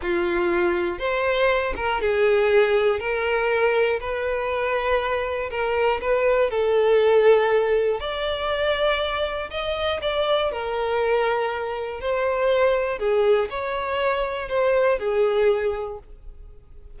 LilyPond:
\new Staff \with { instrumentName = "violin" } { \time 4/4 \tempo 4 = 120 f'2 c''4. ais'8 | gis'2 ais'2 | b'2. ais'4 | b'4 a'2. |
d''2. dis''4 | d''4 ais'2. | c''2 gis'4 cis''4~ | cis''4 c''4 gis'2 | }